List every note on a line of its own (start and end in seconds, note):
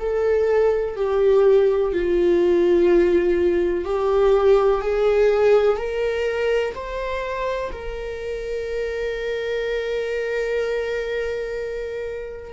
0.00 0.96 A4
0.96 1.93 G4
1.93 3.85 F4
3.85 4.82 G4
4.82 5.78 G#4
5.78 6.74 A#4
6.75 7.72 C5
7.72 12.53 A#4